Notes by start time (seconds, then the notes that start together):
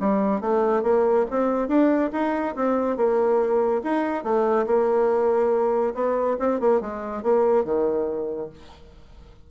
0.00 G3
0.41 A3
0.83 A#3
1.31 C4
1.68 D4
2.13 D#4
2.56 C4
2.97 A#3
3.84 D#4
4.24 A3
4.67 A#3
5.94 B3
6.39 C4
6.60 A#3
6.81 G#3
7.23 A#3
7.65 D#3